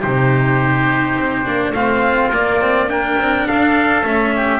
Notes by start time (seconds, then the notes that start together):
0.00 C3 D#4 G4 C5
1.16 C4
1.45 A#3 D4
1.72 A3 C4 F4 F5
2.31 A#3 D5
2.62 C4
2.87 D4 A#4 G5
3.19 C4
3.47 D4 A4 F5
4.03 A3 C#4 E5
4.36 G4